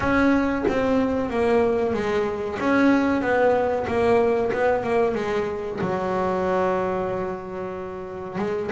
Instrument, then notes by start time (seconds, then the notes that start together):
double bass
0.00 C#4
0.68 C4
1.30 A#3
1.93 G#3
2.59 C#4
3.21 B3
3.87 A#3
4.52 B3
4.83 A#3
5.14 G#3
5.80 F#3
8.38 G#3